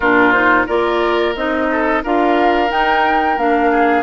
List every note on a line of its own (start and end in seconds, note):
0.00 0.67 A#2
0.00 0.33 D4
0.00 0.66 F4
0.00 0.32 A#4
0.32 0.67 D#4
0.32 0.65 C5
0.66 1.35 A#3
0.66 1.35 F4
0.66 1.67 A#4
0.66 1.35 D5
1.35 2.03 C4
1.35 2.03 D#4
1.35 2.03 D#5
1.71 2.03 A4
2.03 2.70 D4
2.03 2.68 F4
2.03 3.71 A#4
2.03 2.71 F5
2.68 3.35 D#4
2.68 3.37 D#4
2.68 3.38 G5
3.37 4.02 A#3
3.37 4.02 D4
3.37 4.02 F5
3.71 4.02 G#4